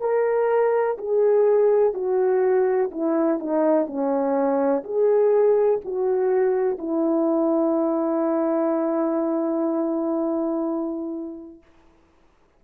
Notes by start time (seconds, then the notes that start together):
0.00 A#4
0.97 G#4
1.93 F#4
2.91 E4
3.39 D#4
3.86 C#4
4.83 G#4
5.84 F#4
6.78 E4